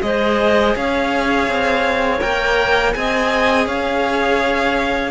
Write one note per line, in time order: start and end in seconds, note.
0.00 0.75 G#3
0.00 2.20 G#4
0.00 0.77 C5
0.00 0.75 D#5
0.76 1.47 C#4
0.76 2.97 C#5
0.76 2.21 F5
1.47 2.21 C4
2.21 2.95 A#3
2.21 2.94 A#4
2.21 2.94 G5
2.94 3.66 C4
2.94 5.11 G#4
2.94 3.67 D#5
2.94 3.67 G#5
3.66 5.11 C#4
3.66 5.11 C#5
3.66 5.11 F5